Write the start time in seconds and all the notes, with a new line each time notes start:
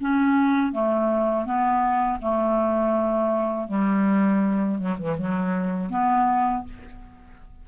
0.00 C#4
0.72 A3
1.45 B3
2.21 A3
3.68 G3
4.79 F#3
4.98 E3
5.18 F#3
5.90 B3